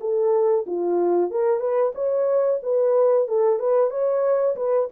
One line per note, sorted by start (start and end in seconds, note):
0.00 0.65 A4
0.66 1.30 F4
1.30 1.60 A#4
1.60 1.92 B4
1.94 2.60 C#5
2.63 3.28 B4
3.28 3.59 A4
3.59 3.90 B4
3.90 4.55 C#5
4.56 4.89 B4